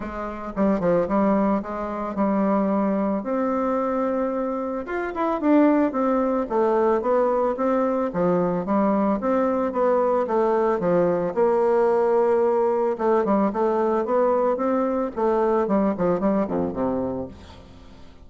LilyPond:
\new Staff \with { instrumentName = "bassoon" } { \time 4/4 \tempo 4 = 111 gis4 g8 f8 g4 gis4 | g2 c'2~ | c'4 f'8 e'8 d'4 c'4 | a4 b4 c'4 f4 |
g4 c'4 b4 a4 | f4 ais2. | a8 g8 a4 b4 c'4 | a4 g8 f8 g8 f,8 c4 | }